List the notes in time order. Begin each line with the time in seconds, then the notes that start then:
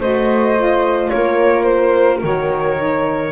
0.00 A3 F#4 C5 D#5
0.56 F4
1.10 A#3 A#4 C#5
1.63 C5
2.23 D#3 F#4 C#5
2.78 D#4